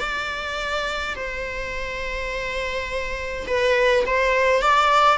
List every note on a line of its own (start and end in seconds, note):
0.00 1.15 D5
1.16 3.46 C5
3.47 4.05 B4
4.07 4.62 C5
4.62 5.18 D5